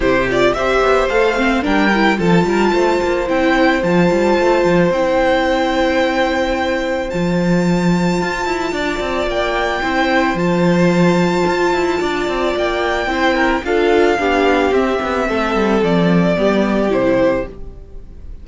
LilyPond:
<<
  \new Staff \with { instrumentName = "violin" } { \time 4/4 \tempo 4 = 110 c''8 d''8 e''4 f''4 g''4 | a''2 g''4 a''4~ | a''4 g''2.~ | g''4 a''2.~ |
a''4 g''2 a''4~ | a''2. g''4~ | g''4 f''2 e''4~ | e''4 d''2 c''4 | }
  \new Staff \with { instrumentName = "violin" } { \time 4/4 g'4 c''2 ais'4 | a'8 ais'8 c''2.~ | c''1~ | c''1 |
d''2 c''2~ | c''2 d''2 | c''8 ais'8 a'4 g'2 | a'2 g'2 | }
  \new Staff \with { instrumentName = "viola" } { \time 4/4 e'8 f'8 g'4 a'8 c'8 d'8 e'8 | f'2 e'4 f'4~ | f'4 e'2.~ | e'4 f'2.~ |
f'2 e'4 f'4~ | f'1 | e'4 f'4 d'4 c'4~ | c'2 b4 e'4 | }
  \new Staff \with { instrumentName = "cello" } { \time 4/4 c4 c'8 b8 a4 g4 | f8 g8 a8 ais8 c'4 f8 g8 | a8 f8 c'2.~ | c'4 f2 f'8 e'8 |
d'8 c'8 ais4 c'4 f4~ | f4 f'8 e'8 d'8 c'8 ais4 | c'4 d'4 b4 c'8 b8 | a8 g8 f4 g4 c4 | }
>>